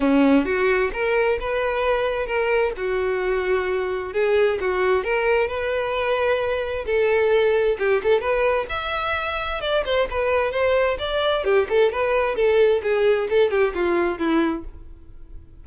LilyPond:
\new Staff \with { instrumentName = "violin" } { \time 4/4 \tempo 4 = 131 cis'4 fis'4 ais'4 b'4~ | b'4 ais'4 fis'2~ | fis'4 gis'4 fis'4 ais'4 | b'2. a'4~ |
a'4 g'8 a'8 b'4 e''4~ | e''4 d''8 c''8 b'4 c''4 | d''4 g'8 a'8 b'4 a'4 | gis'4 a'8 g'8 f'4 e'4 | }